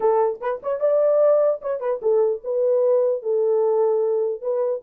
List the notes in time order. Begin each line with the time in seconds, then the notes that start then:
0.00 A4
0.40 B4
0.62 C#5
0.80 D5
1.61 C#5
1.80 B4
2.02 A4
2.44 B4
3.22 A4
4.41 B4